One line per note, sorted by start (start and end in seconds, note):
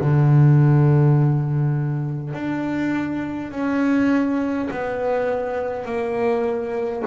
0.00 2.34 D3
2.34 3.51 D4
3.51 4.69 C#4
4.71 5.85 B3
5.85 7.03 A#3